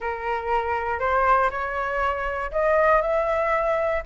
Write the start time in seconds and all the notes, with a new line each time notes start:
0.00 A#4
0.99 C5
1.50 C#5
2.51 D#5
3.01 E5